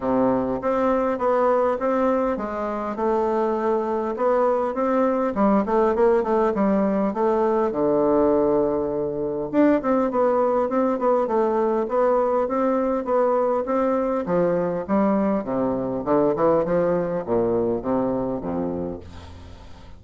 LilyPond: \new Staff \with { instrumentName = "bassoon" } { \time 4/4 \tempo 4 = 101 c4 c'4 b4 c'4 | gis4 a2 b4 | c'4 g8 a8 ais8 a8 g4 | a4 d2. |
d'8 c'8 b4 c'8 b8 a4 | b4 c'4 b4 c'4 | f4 g4 c4 d8 e8 | f4 ais,4 c4 f,4 | }